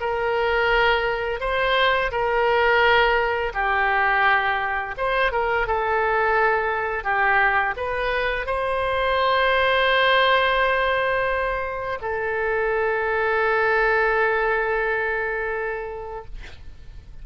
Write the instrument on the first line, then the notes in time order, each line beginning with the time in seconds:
oboe
0.00 A#4
1.40 C5
2.11 A#4
3.53 G4
4.97 C5
5.31 A#4
5.67 A4
7.04 G4
7.76 B4
8.46 C5
12.01 A4